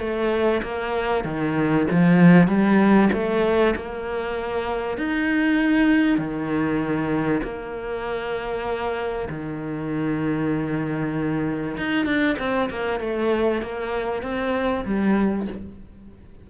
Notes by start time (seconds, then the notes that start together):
0.00 A3
0.63 A#3
1.25 D#3
1.91 F3
2.48 G3
3.13 A3
3.76 A#3
4.98 D#4
6.18 D#3
7.43 A#3
9.30 D#3
11.77 D#4
12.06 D4
12.39 C4
12.70 A#3
13.00 A3
13.62 A#3
14.23 C4
14.86 G3